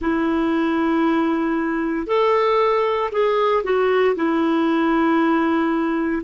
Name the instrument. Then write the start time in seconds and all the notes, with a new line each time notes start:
clarinet
0.00 E4
2.06 A4
3.11 G#4
3.63 F#4
4.15 E4